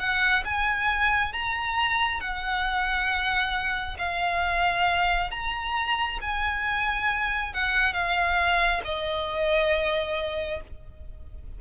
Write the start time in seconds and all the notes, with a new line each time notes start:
0.00 F#5
0.45 G#5
1.33 A#5
2.21 F#5
3.99 F5
5.31 A#5
6.22 G#5
7.54 F#5
7.94 F5
8.85 D#5